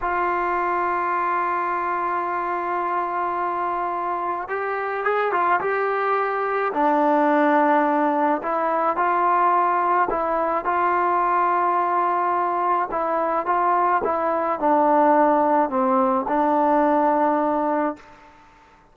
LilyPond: \new Staff \with { instrumentName = "trombone" } { \time 4/4 \tempo 4 = 107 f'1~ | f'1 | g'4 gis'8 f'8 g'2 | d'2. e'4 |
f'2 e'4 f'4~ | f'2. e'4 | f'4 e'4 d'2 | c'4 d'2. | }